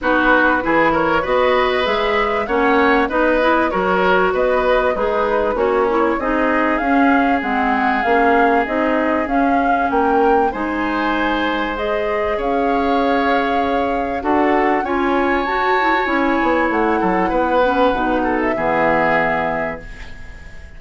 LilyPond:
<<
  \new Staff \with { instrumentName = "flute" } { \time 4/4 \tempo 4 = 97 b'4. cis''8 dis''4 e''4 | fis''4 dis''4 cis''4 dis''4 | b'4 cis''4 dis''4 f''4 | fis''4 f''4 dis''4 f''4 |
g''4 gis''2 dis''4 | f''2. fis''4 | gis''4 a''4 gis''4 fis''4~ | fis''4.~ fis''16 e''2~ e''16 | }
  \new Staff \with { instrumentName = "oboe" } { \time 4/4 fis'4 gis'8 ais'8 b'2 | cis''4 b'4 ais'4 b'4 | dis'4 cis'4 gis'2~ | gis'1 |
ais'4 c''2. | cis''2. a'4 | cis''2.~ cis''8 a'8 | b'4. a'8 gis'2 | }
  \new Staff \with { instrumentName = "clarinet" } { \time 4/4 dis'4 e'4 fis'4 gis'4 | cis'4 dis'8 e'8 fis'2 | gis'4 fis'8 e'8 dis'4 cis'4 | c'4 cis'4 dis'4 cis'4~ |
cis'4 dis'2 gis'4~ | gis'2. fis'4 | f'4 fis'8 e'16 fis'16 e'2~ | e'8 cis'8 dis'4 b2 | }
  \new Staff \with { instrumentName = "bassoon" } { \time 4/4 b4 e4 b4 gis4 | ais4 b4 fis4 b4 | gis4 ais4 c'4 cis'4 | gis4 ais4 c'4 cis'4 |
ais4 gis2. | cis'2. d'4 | cis'4 fis'4 cis'8 b8 a8 fis8 | b4 b,4 e2 | }
>>